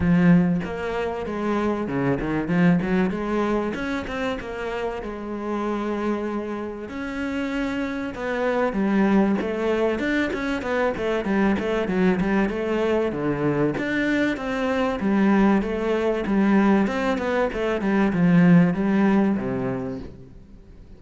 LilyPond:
\new Staff \with { instrumentName = "cello" } { \time 4/4 \tempo 4 = 96 f4 ais4 gis4 cis8 dis8 | f8 fis8 gis4 cis'8 c'8 ais4 | gis2. cis'4~ | cis'4 b4 g4 a4 |
d'8 cis'8 b8 a8 g8 a8 fis8 g8 | a4 d4 d'4 c'4 | g4 a4 g4 c'8 b8 | a8 g8 f4 g4 c4 | }